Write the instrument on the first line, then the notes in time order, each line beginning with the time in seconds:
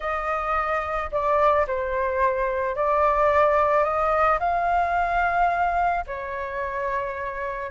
flute
0.00 D#5
1.11 D5
1.67 C5
2.75 D5
3.84 D#5
4.39 F5
6.07 C#5